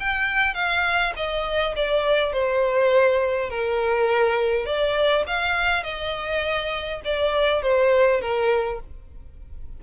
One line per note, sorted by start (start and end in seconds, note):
0.00 0.54 G5
0.54 1.13 F5
1.16 1.75 D#5
1.76 2.33 D5
2.33 3.50 C5
3.50 4.66 A#4
4.66 5.25 D5
5.27 5.84 F5
5.84 7.01 D#5
7.05 7.63 D5
7.63 8.21 C5
8.21 8.80 A#4